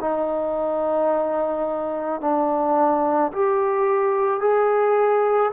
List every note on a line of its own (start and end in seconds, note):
0.00 2.20 D#4
2.20 3.31 D4
3.32 4.40 G4
4.40 5.51 G#4